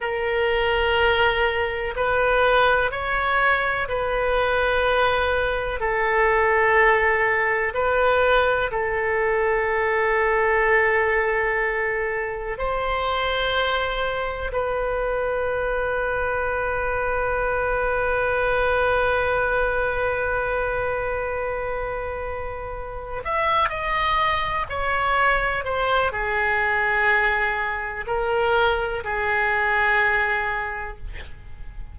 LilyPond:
\new Staff \with { instrumentName = "oboe" } { \time 4/4 \tempo 4 = 62 ais'2 b'4 cis''4 | b'2 a'2 | b'4 a'2.~ | a'4 c''2 b'4~ |
b'1~ | b'1 | e''8 dis''4 cis''4 c''8 gis'4~ | gis'4 ais'4 gis'2 | }